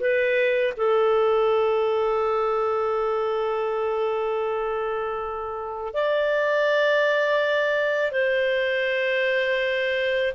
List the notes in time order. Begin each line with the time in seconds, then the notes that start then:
0.00 B4
0.77 A4
5.94 D5
8.12 C5